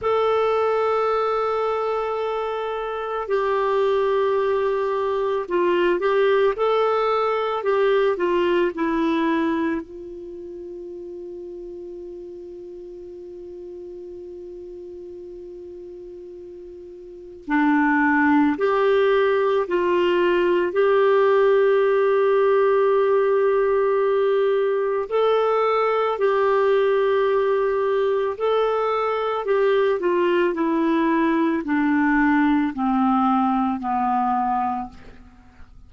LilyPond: \new Staff \with { instrumentName = "clarinet" } { \time 4/4 \tempo 4 = 55 a'2. g'4~ | g'4 f'8 g'8 a'4 g'8 f'8 | e'4 f'2.~ | f'1 |
d'4 g'4 f'4 g'4~ | g'2. a'4 | g'2 a'4 g'8 f'8 | e'4 d'4 c'4 b4 | }